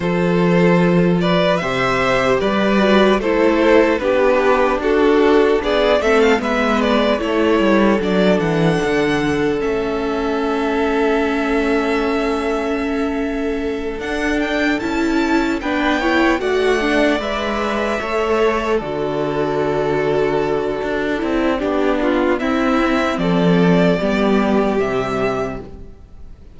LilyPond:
<<
  \new Staff \with { instrumentName = "violin" } { \time 4/4 \tempo 4 = 75 c''4. d''8 e''4 d''4 | c''4 b'4 a'4 d''8 e''16 f''16 | e''8 d''8 cis''4 d''8 fis''4. | e''1~ |
e''4. fis''8 g''8 a''4 g''8~ | g''8 fis''4 e''2 d''8~ | d''1 | e''4 d''2 e''4 | }
  \new Staff \with { instrumentName = "violin" } { \time 4/4 a'4. b'8 c''4 b'4 | a'4 g'4 fis'4 gis'8 a'8 | b'4 a'2.~ | a'1~ |
a'2.~ a'8 b'8 | cis''8 d''2 cis''4 a'8~ | a'2. g'8 f'8 | e'4 a'4 g'2 | }
  \new Staff \with { instrumentName = "viola" } { \time 4/4 f'2 g'4. fis'8 | e'4 d'2~ d'8 c'8 | b4 e'4 d'2 | cis'1~ |
cis'4. d'4 e'4 d'8 | e'8 fis'8 d'8 b'4 a'4 fis'8~ | fis'2~ fis'8 e'8 d'4 | c'2 b4 g4 | }
  \new Staff \with { instrumentName = "cello" } { \time 4/4 f2 c4 g4 | a4 b4 d'4 b8 a8 | gis4 a8 g8 fis8 e8 d4 | a1~ |
a4. d'4 cis'4 b8~ | b8 a4 gis4 a4 d8~ | d2 d'8 c'8 b4 | c'4 f4 g4 c4 | }
>>